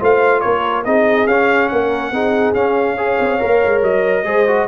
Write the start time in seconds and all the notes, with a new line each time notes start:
0.00 A3 F4 C5 F5
0.41 A#3 A#4 C#5
0.85 C4 D#4 G#4 D#5
1.27 C#4 F5
1.69 A#3 A#4 F#5
2.12 C4 D#4 G#4
2.54 C#4 F5
2.96 G#4 C#5
3.20 C4
3.39 A#3 A#4
3.65 G#3
3.83 F#3 D#5
4.24 G#3 G#4 C5
4.47 F#4